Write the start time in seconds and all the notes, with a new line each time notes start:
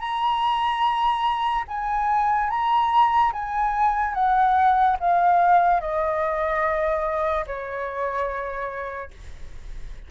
0.00 A#5
1.68 G#5
2.50 A#5
3.33 G#5
4.15 F#5
5.00 F5
5.81 D#5
7.47 C#5